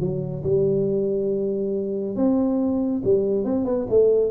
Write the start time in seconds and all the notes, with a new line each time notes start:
0.00 F#3
0.44 G3
2.16 C4
3.04 G3
3.45 C4
3.65 B3
3.90 A3